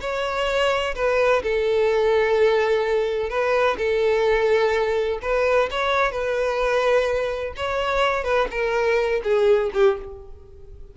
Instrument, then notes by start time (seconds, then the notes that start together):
violin
0.00 C#5
0.95 B4
1.42 A4
3.29 B4
3.77 A4
5.22 B4
5.70 C#5
6.11 B4
7.56 C#5
8.24 B4
8.50 A#4
9.23 G#4
9.73 G4